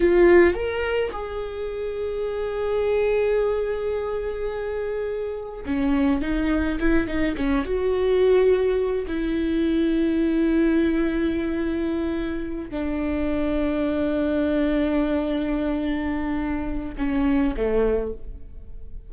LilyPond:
\new Staff \with { instrumentName = "viola" } { \time 4/4 \tempo 4 = 106 f'4 ais'4 gis'2~ | gis'1~ | gis'2 cis'4 dis'4 | e'8 dis'8 cis'8 fis'2~ fis'8 |
e'1~ | e'2~ e'8 d'4.~ | d'1~ | d'2 cis'4 a4 | }